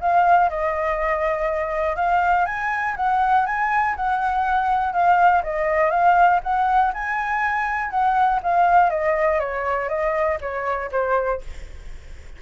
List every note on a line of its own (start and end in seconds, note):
0.00 0.49 F5
0.49 1.96 D#5
1.96 2.45 F5
2.45 2.95 G#5
2.96 3.46 F#5
3.46 3.95 G#5
3.96 4.93 F#5
4.93 5.42 F5
5.43 5.90 D#5
5.90 6.40 F5
6.43 6.92 F#5
6.93 7.90 G#5
7.90 8.40 F#5
8.43 8.90 F5
8.90 9.39 D#5
9.39 9.88 C#5
9.88 10.38 D#5
10.40 10.90 C#5
10.91 11.41 C5